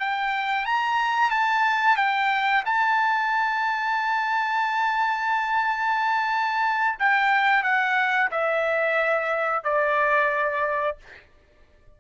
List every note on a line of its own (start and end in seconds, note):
0.00 0.65 G5
0.65 1.31 A#5
1.31 1.97 A5
1.97 2.63 G5
2.65 6.99 A5
6.99 7.63 G5
7.63 8.30 F#5
8.31 9.64 E5
9.64 10.97 D5